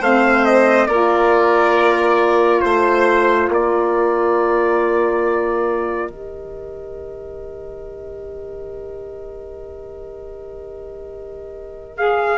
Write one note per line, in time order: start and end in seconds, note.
0.00 0.88 A3
0.00 0.89 C4
0.00 0.87 C5
0.00 0.45 F5
0.45 0.87 D#5
0.87 2.62 A#3
0.87 6.10 F4
0.87 2.61 A#4
0.87 2.61 D5
2.61 3.49 A3
2.61 3.48 C5
2.61 3.49 C5
3.49 6.09 A#3
3.49 12.38 A#4
3.49 6.10 D5
6.09 12.38 D#3
6.09 11.97 G4
6.09 11.97 D#5
11.97 12.38 G#4
11.97 12.38 F5